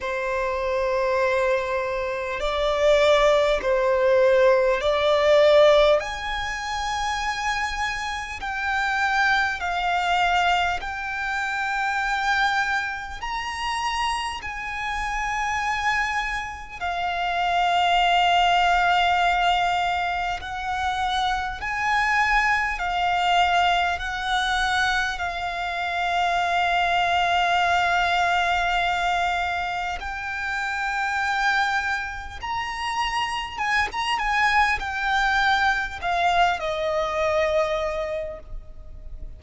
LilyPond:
\new Staff \with { instrumentName = "violin" } { \time 4/4 \tempo 4 = 50 c''2 d''4 c''4 | d''4 gis''2 g''4 | f''4 g''2 ais''4 | gis''2 f''2~ |
f''4 fis''4 gis''4 f''4 | fis''4 f''2.~ | f''4 g''2 ais''4 | gis''16 ais''16 gis''8 g''4 f''8 dis''4. | }